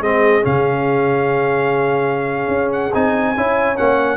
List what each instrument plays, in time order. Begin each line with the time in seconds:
0.00 tuba G#3, trombone C4, horn G#4, trumpet D#5
0.42 tuba C#3, trombone C#4, trumpet F5
2.48 tuba C#4
2.72 trumpet F#5
2.94 tuba C4, trombone D#4, trumpet G#5
3.36 tuba C#4, trombone E4, horn C#5
3.76 tuba A#3, trombone C#4, trumpet F#5